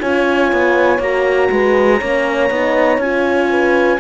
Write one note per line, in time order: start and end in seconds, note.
0.00 0.53 C#4
0.00 1.01 F4
0.00 1.50 C#5
0.00 1.01 G#5
0.53 0.99 B3
0.99 1.49 A#3
0.99 2.02 F#4
0.99 3.01 A#5
1.51 2.01 G#3
1.51 1.98 B4
1.98 2.50 A#3
1.98 2.51 C#4
1.98 3.48 C#5
2.50 2.98 B3
2.50 3.01 D#4
2.98 3.98 C#4
2.98 4.00 F4
2.98 4.00 G#5
3.50 4.00 B4